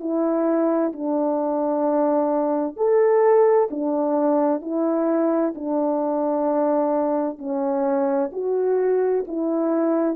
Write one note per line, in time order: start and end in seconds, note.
0.00 0.92 E4
0.93 2.77 D4
2.77 3.69 A4
3.70 4.62 D4
4.62 5.54 E4
5.55 7.38 D4
7.38 8.30 C#4
8.32 9.25 F#4
9.27 10.16 E4